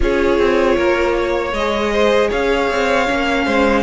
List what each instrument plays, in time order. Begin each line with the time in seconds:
0.00 cello C#4, viola F4, violin G#4 C#5
0.38 cello C4
0.76 cello A#3, violin A#4
1.17 violin C#5
1.53 cello G#3, viola G#4, violin D#5
1.92 violin C5
2.29 cello C#4, violin C#5 F5
2.70 cello C4
3.06 cello A#3, viola C#4
3.45 cello G#3, violin C5